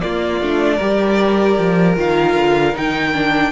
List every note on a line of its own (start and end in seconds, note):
0.00 0.39 A#3
0.00 0.40 A#3
0.00 0.75 F4
0.00 1.95 D5
0.40 0.79 A3
0.40 0.79 D4
0.75 1.58 G3
0.75 1.96 G4
0.75 3.48 A#4
1.58 1.96 F3
1.96 2.35 D#3
1.96 2.73 F4
1.96 2.76 F5
2.35 2.74 D3
2.73 3.52 D#3
2.73 3.12 D#4
2.73 3.52 G5
3.13 3.52 D4